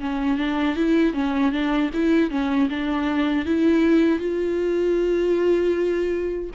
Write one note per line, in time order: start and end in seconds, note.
0.00 0.37 C#4
0.37 0.76 D4
0.76 1.13 E4
1.13 1.52 C#4
1.52 1.90 D4
1.93 2.30 E4
2.30 2.68 C#4
2.69 3.45 D4
3.45 4.19 E4
4.19 6.50 F4